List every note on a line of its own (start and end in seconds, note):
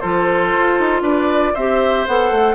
0.00 0.54 F3
0.00 1.55 F4
0.00 1.02 A4
0.00 1.02 C5
0.54 0.79 F4
0.79 1.01 D#4
1.01 1.52 D4
1.01 1.53 B4
1.01 1.55 D5
1.54 2.07 C4
1.54 2.07 G4
1.54 2.55 C5
1.54 2.06 E5
2.06 2.31 B3
2.06 2.55 A4
2.06 2.55 F#5
2.31 2.55 A3